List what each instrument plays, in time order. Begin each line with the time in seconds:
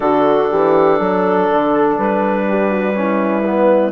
0.00 bassoon D3, trombone D4, horn F#4, clarinet A4
0.50 bassoon E3, horn G4
0.97 bassoon F#3, horn A4
1.50 bassoon D3
1.97 bassoon G3, clarinet B4
2.48 horn G4
2.70 horn F#4
2.93 trombone C#4, horn E4
3.44 trombone B3